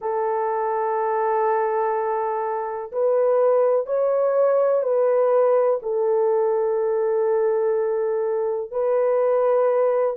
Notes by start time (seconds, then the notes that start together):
0.01 A4
2.92 B4
3.86 C#5
4.83 B4
5.82 A4
8.71 B4